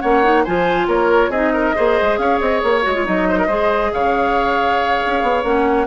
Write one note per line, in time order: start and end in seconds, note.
0.00 0.47 A#3
0.00 0.23 C#4
0.00 0.43 C#5
0.00 0.43 F#5
0.23 0.45 D#4
0.43 0.87 F3
0.43 1.33 F4
0.43 0.87 C5
0.43 0.88 G#5
0.87 1.29 A#3
0.87 1.30 A#4
0.87 1.31 C#5
1.29 1.72 C4
1.29 1.74 D#4
1.29 1.52 G#4
1.29 2.18 D#5
1.54 1.75 A#4
1.74 2.00 A#3
1.74 2.82 G#4
1.74 2.19 C5
2.01 2.18 G#3
2.18 2.40 C#4
2.18 3.28 C#5
2.18 2.39 F5
2.40 2.62 C4
2.40 2.62 D#5
2.63 2.85 A#3
2.63 3.06 C#5
2.82 3.07 G#3
2.82 2.93 F#4
2.94 3.05 F4
3.05 3.48 F#3
3.05 3.48 D#4
3.05 3.92 D#5
3.28 3.38 C5
3.38 3.46 A#4
3.46 3.91 G#3
3.46 5.44 G#4
3.46 3.90 C5
3.92 5.03 C#3
3.92 5.87 C#5
3.92 5.44 F5
5.06 5.22 C#4
5.22 5.43 B3
5.43 5.87 A#3
5.43 5.87 C#4
5.43 5.87 F#5